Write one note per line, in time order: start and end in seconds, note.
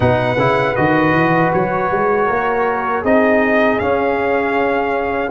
0.00 0.36 B2
0.00 0.36 D#4
0.00 2.25 B4
0.00 0.75 F#5
0.36 0.74 C#3
0.36 0.76 E4
0.75 1.13 D#3
0.75 3.04 F#4
0.75 1.51 D#5
1.13 1.51 E3
1.52 1.91 F#3
1.52 3.04 C#5
1.91 2.28 G#3
2.25 3.03 A#3
2.25 3.01 A#4
3.02 3.79 C4
3.02 3.80 D#4
3.02 5.30 G#4
3.02 3.78 D#5
3.78 5.31 C#4
3.78 5.30 F5